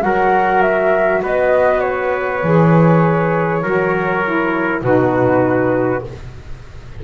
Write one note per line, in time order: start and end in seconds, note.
0.00 1.23 F#3
0.00 2.40 F#4
0.00 1.23 A#4
0.00 0.62 F#5
0.62 1.22 E5
1.23 2.43 B3
1.23 3.62 B4
1.23 1.80 D#5
1.80 4.80 C#5
2.43 3.63 E3
2.43 3.62 G#4
3.62 4.82 F#3
3.62 4.22 F#4
3.62 4.82 A#4
4.24 4.83 E4
4.82 6.02 B2
4.82 6.04 D#4
4.82 6.03 F#4
4.82 6.04 B4